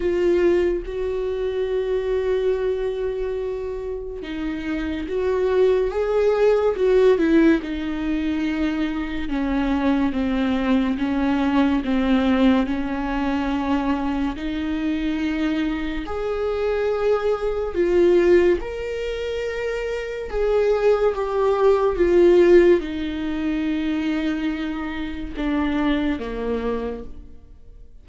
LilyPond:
\new Staff \with { instrumentName = "viola" } { \time 4/4 \tempo 4 = 71 f'4 fis'2.~ | fis'4 dis'4 fis'4 gis'4 | fis'8 e'8 dis'2 cis'4 | c'4 cis'4 c'4 cis'4~ |
cis'4 dis'2 gis'4~ | gis'4 f'4 ais'2 | gis'4 g'4 f'4 dis'4~ | dis'2 d'4 ais4 | }